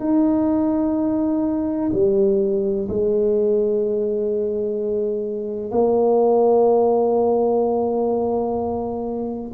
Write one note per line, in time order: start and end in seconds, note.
0.00 1.90 D#4
1.93 2.88 G3
2.89 5.71 G#3
5.71 9.52 A#3